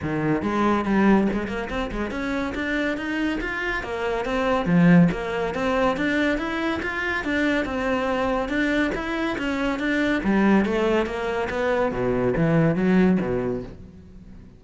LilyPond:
\new Staff \with { instrumentName = "cello" } { \time 4/4 \tempo 4 = 141 dis4 gis4 g4 gis8 ais8 | c'8 gis8 cis'4 d'4 dis'4 | f'4 ais4 c'4 f4 | ais4 c'4 d'4 e'4 |
f'4 d'4 c'2 | d'4 e'4 cis'4 d'4 | g4 a4 ais4 b4 | b,4 e4 fis4 b,4 | }